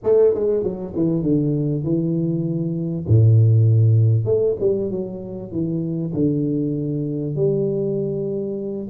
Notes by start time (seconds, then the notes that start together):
0.03 A3
0.34 G#3
0.63 F#3
0.95 E3
1.22 D3
1.83 E3
3.08 A2
4.25 A3
4.60 G3
4.90 F#3
5.51 E3
6.13 D3
7.35 G3